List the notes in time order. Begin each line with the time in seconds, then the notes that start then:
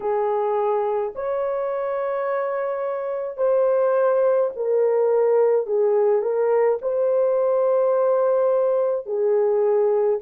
0.00 G#4
1.15 C#5
3.37 C5
4.55 A#4
5.66 G#4
6.22 A#4
6.81 C5
9.06 G#4